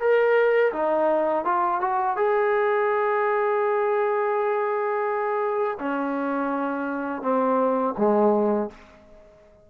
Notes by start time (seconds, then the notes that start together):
0.00 A#4
0.73 D#4
1.45 F4
1.81 F#4
2.17 G#4
5.79 C#4
7.22 C4
7.98 G#3